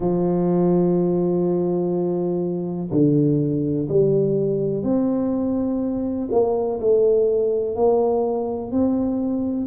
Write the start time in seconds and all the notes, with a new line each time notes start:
0.00 F3
2.91 D3
3.88 G3
4.83 C4
6.31 A#3
6.80 A3
7.75 A#3
8.71 C4